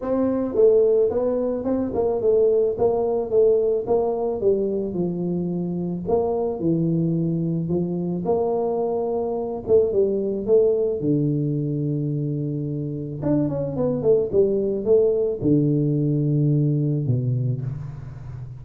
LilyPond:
\new Staff \with { instrumentName = "tuba" } { \time 4/4 \tempo 4 = 109 c'4 a4 b4 c'8 ais8 | a4 ais4 a4 ais4 | g4 f2 ais4 | e2 f4 ais4~ |
ais4. a8 g4 a4 | d1 | d'8 cis'8 b8 a8 g4 a4 | d2. b,4 | }